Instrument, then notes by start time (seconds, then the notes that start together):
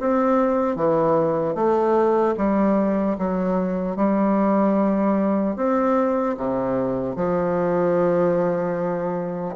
bassoon
0.00 C4
0.76 E3
1.55 A3
2.37 G3
3.19 F#3
3.96 G3
5.56 C4
6.37 C3
7.16 F3